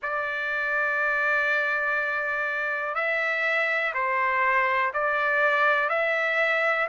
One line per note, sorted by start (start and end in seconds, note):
0.02 2.95 D5
2.95 3.93 E5
3.93 4.92 C5
4.93 5.89 D5
5.89 6.87 E5